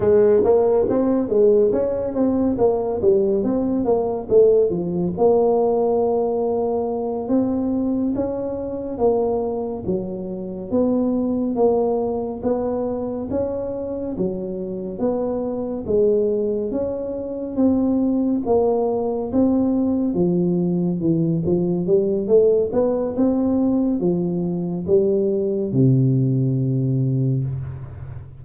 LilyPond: \new Staff \with { instrumentName = "tuba" } { \time 4/4 \tempo 4 = 70 gis8 ais8 c'8 gis8 cis'8 c'8 ais8 g8 | c'8 ais8 a8 f8 ais2~ | ais8 c'4 cis'4 ais4 fis8~ | fis8 b4 ais4 b4 cis'8~ |
cis'8 fis4 b4 gis4 cis'8~ | cis'8 c'4 ais4 c'4 f8~ | f8 e8 f8 g8 a8 b8 c'4 | f4 g4 c2 | }